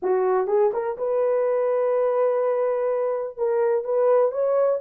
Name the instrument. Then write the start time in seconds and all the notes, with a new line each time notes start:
horn
0.02 F#4
0.47 G#4
0.73 A#4
0.97 B4
3.37 A#4
3.84 B4
4.31 C#5